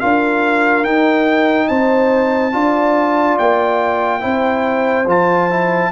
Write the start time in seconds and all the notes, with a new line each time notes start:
0.00 D4 F4 A#4 F5
0.84 D#4 G5
1.68 C4 C5 A5
2.52 D4 F4 D5
3.38 A#3 G5
4.20 C4 E4 C5
5.06 F3 F4 A5
5.50 E4